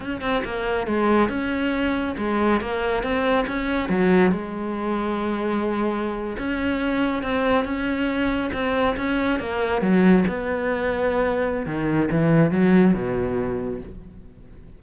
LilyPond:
\new Staff \with { instrumentName = "cello" } { \time 4/4 \tempo 4 = 139 cis'8 c'8 ais4 gis4 cis'4~ | cis'4 gis4 ais4 c'4 | cis'4 fis4 gis2~ | gis2~ gis8. cis'4~ cis'16~ |
cis'8. c'4 cis'2 c'16~ | c'8. cis'4 ais4 fis4 b16~ | b2. dis4 | e4 fis4 b,2 | }